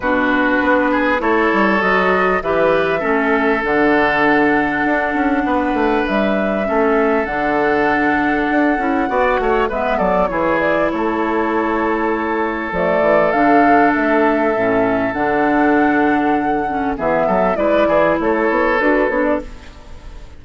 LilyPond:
<<
  \new Staff \with { instrumentName = "flute" } { \time 4/4 \tempo 4 = 99 b'2 cis''4 dis''4 | e''2 fis''2~ | fis''2 e''2 | fis''1 |
e''8 d''8 cis''8 d''8 cis''2~ | cis''4 d''4 f''4 e''4~ | e''4 fis''2. | e''4 d''4 cis''4 b'8 cis''16 d''16 | }
  \new Staff \with { instrumentName = "oboe" } { \time 4/4 fis'4. gis'8 a'2 | b'4 a'2.~ | a'4 b'2 a'4~ | a'2. d''8 cis''8 |
b'8 a'8 gis'4 a'2~ | a'1~ | a'1 | gis'8 a'8 b'8 gis'8 a'2 | }
  \new Staff \with { instrumentName = "clarinet" } { \time 4/4 d'2 e'4 fis'4 | g'4 cis'4 d'2~ | d'2. cis'4 | d'2~ d'8 e'8 fis'4 |
b4 e'2.~ | e'4 a4 d'2 | cis'4 d'2~ d'8 cis'8 | b4 e'2 fis'8 d'8 | }
  \new Staff \with { instrumentName = "bassoon" } { \time 4/4 b,4 b4 a8 g8 fis4 | e4 a4 d2 | d'8 cis'8 b8 a8 g4 a4 | d2 d'8 cis'8 b8 a8 |
gis8 fis8 e4 a2~ | a4 f8 e8 d4 a4 | a,4 d2. | e8 fis8 gis8 e8 a8 b8 d'8 b8 | }
>>